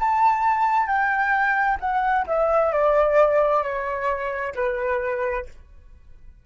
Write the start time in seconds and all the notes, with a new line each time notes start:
0.00 A5
0.87 G5
1.80 F#5
2.27 E5
2.72 D5
3.63 C#5
4.55 B4